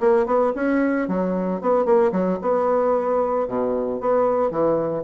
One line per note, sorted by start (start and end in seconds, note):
0.00 0.26 A#3
0.26 0.53 B3
0.56 1.08 C#4
1.08 1.61 F#3
1.61 1.85 B3
1.85 2.12 A#3
2.12 2.39 F#3
2.42 3.48 B3
3.48 4.00 B2
4.00 4.51 B3
4.51 5.04 E3